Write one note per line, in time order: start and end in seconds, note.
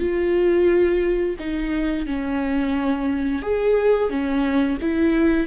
0.00 1.36 F4
1.39 2.06 D#4
2.06 3.42 C#4
3.42 4.10 G#4
4.10 4.78 C#4
4.81 5.47 E4